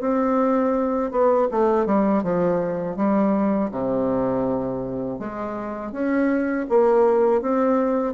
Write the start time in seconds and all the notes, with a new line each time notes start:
0.00 C4
1.11 B3
1.51 A3
1.86 G3
2.23 F3
2.96 G3
3.71 C3
5.19 G#3
5.92 C#4
6.69 A#3
7.41 C4